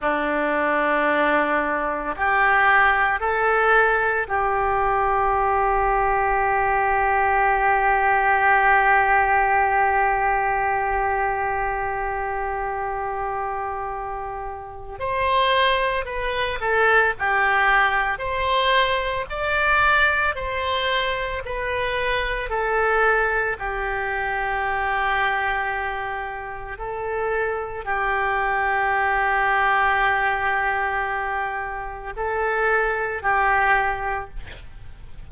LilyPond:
\new Staff \with { instrumentName = "oboe" } { \time 4/4 \tempo 4 = 56 d'2 g'4 a'4 | g'1~ | g'1~ | g'2 c''4 b'8 a'8 |
g'4 c''4 d''4 c''4 | b'4 a'4 g'2~ | g'4 a'4 g'2~ | g'2 a'4 g'4 | }